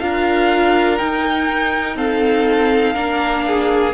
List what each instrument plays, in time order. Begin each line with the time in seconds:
0.00 cello D4, viola F4, violin A#4 F5
0.99 viola D#4, cello D#4, violin G5
1.96 viola C4, violin A4 F5
2.95 cello A#3, viola D4, violin A#4
3.47 violin G#4